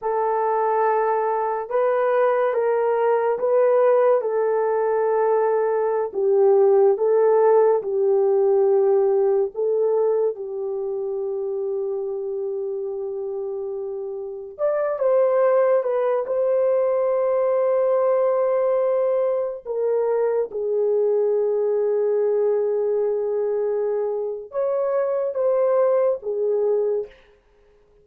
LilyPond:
\new Staff \with { instrumentName = "horn" } { \time 4/4 \tempo 4 = 71 a'2 b'4 ais'4 | b'4 a'2~ a'16 g'8.~ | g'16 a'4 g'2 a'8.~ | a'16 g'2.~ g'8.~ |
g'4~ g'16 d''8 c''4 b'8 c''8.~ | c''2.~ c''16 ais'8.~ | ais'16 gis'2.~ gis'8.~ | gis'4 cis''4 c''4 gis'4 | }